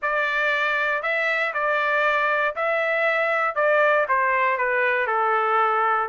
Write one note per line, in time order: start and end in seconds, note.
0.02 1.02 D5
1.02 1.53 E5
1.53 2.55 D5
2.55 3.55 E5
3.55 4.06 D5
4.08 4.57 C5
4.57 5.06 B4
5.06 6.08 A4